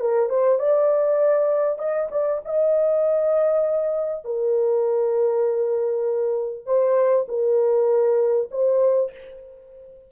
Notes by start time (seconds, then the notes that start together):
0.00 A#4
0.29 C5
0.59 D5
1.78 D#5
2.11 D5
2.45 D#5
4.25 A#4
6.66 C5
7.28 A#4
8.51 C5